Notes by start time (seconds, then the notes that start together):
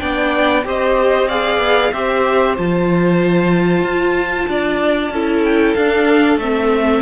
0.00 B3 D4 D5 G5
0.65 C4 G4 C5 D#5
1.28 G#4 D5 F5
1.58 B3
1.93 C4 G4 C5 E5
2.57 F3 F4 A5
3.83 F4
4.49 D4 D5
5.11 C#4 E4 A4
5.45 G5
5.75 D4 F5
6.38 A3 C4 E5